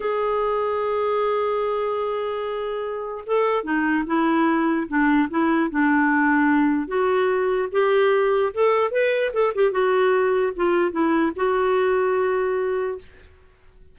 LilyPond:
\new Staff \with { instrumentName = "clarinet" } { \time 4/4 \tempo 4 = 148 gis'1~ | gis'1 | a'4 dis'4 e'2 | d'4 e'4 d'2~ |
d'4 fis'2 g'4~ | g'4 a'4 b'4 a'8 g'8 | fis'2 f'4 e'4 | fis'1 | }